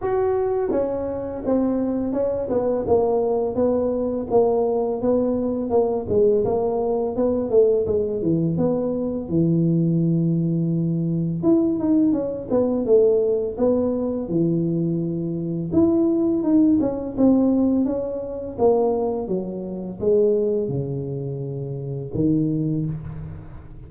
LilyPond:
\new Staff \with { instrumentName = "tuba" } { \time 4/4 \tempo 4 = 84 fis'4 cis'4 c'4 cis'8 b8 | ais4 b4 ais4 b4 | ais8 gis8 ais4 b8 a8 gis8 e8 | b4 e2. |
e'8 dis'8 cis'8 b8 a4 b4 | e2 e'4 dis'8 cis'8 | c'4 cis'4 ais4 fis4 | gis4 cis2 dis4 | }